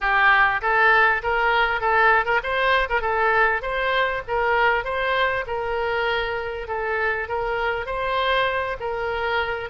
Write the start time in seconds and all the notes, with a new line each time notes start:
0.00 G4
0.61 A4
1.22 A#4
1.80 A4
2.25 A#4
2.43 C5
2.89 A#4
3.01 A4
3.61 C5
4.27 A#4
4.84 C5
5.46 A#4
6.67 A4
7.28 A#4
7.86 C5
8.80 A#4